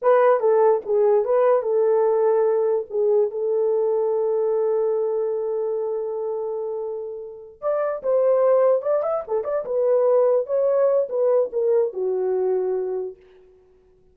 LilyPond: \new Staff \with { instrumentName = "horn" } { \time 4/4 \tempo 4 = 146 b'4 a'4 gis'4 b'4 | a'2. gis'4 | a'1~ | a'1~ |
a'2~ a'8 d''4 c''8~ | c''4. d''8 e''8 a'8 d''8 b'8~ | b'4. cis''4. b'4 | ais'4 fis'2. | }